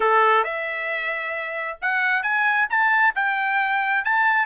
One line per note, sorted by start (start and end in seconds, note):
0.00 0.44 A4
0.44 1.78 E5
1.81 2.22 F#5
2.22 2.67 G#5
2.69 3.14 A5
3.15 4.04 G5
4.04 4.46 A5